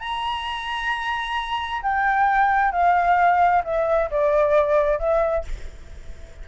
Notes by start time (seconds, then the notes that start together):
0.00 A#5
1.82 G5
2.72 F5
3.64 E5
4.11 D5
4.99 E5